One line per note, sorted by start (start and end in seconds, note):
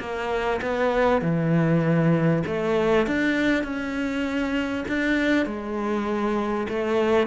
0.00 0.61 A#3
0.62 1.22 B3
1.22 2.43 E3
2.47 3.07 A3
3.07 3.64 D4
3.64 4.85 C#4
4.88 5.47 D4
5.47 6.68 G#3
6.69 7.28 A3